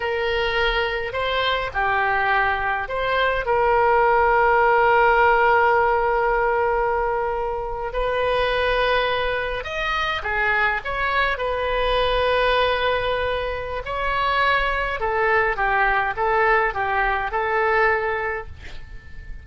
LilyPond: \new Staff \with { instrumentName = "oboe" } { \time 4/4 \tempo 4 = 104 ais'2 c''4 g'4~ | g'4 c''4 ais'2~ | ais'1~ | ais'4.~ ais'16 b'2~ b'16~ |
b'8. dis''4 gis'4 cis''4 b'16~ | b'1 | cis''2 a'4 g'4 | a'4 g'4 a'2 | }